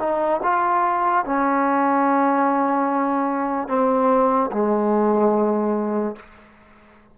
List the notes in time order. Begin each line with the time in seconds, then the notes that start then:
0.00 D#4
0.43 F4
1.26 C#4
3.69 C4
4.52 G#3